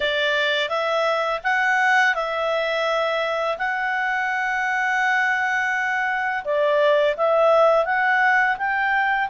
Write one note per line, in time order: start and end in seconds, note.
0.00 0.69 D5
0.69 1.40 E5
1.43 2.14 F#5
2.14 3.57 E5
3.58 6.44 F#5
6.44 7.15 D5
7.17 7.85 E5
7.85 8.56 F#5
8.57 9.29 G5